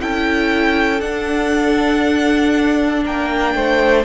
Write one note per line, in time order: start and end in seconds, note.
0.00 1.01 C#4
0.00 1.01 E4
0.00 3.04 A4
0.00 1.01 G5
1.01 4.05 D4
1.01 3.04 D4
1.01 3.04 F#5
3.04 3.54 A#3
3.04 3.55 A#4
3.04 4.05 G5
3.54 4.05 A3
3.54 4.05 C5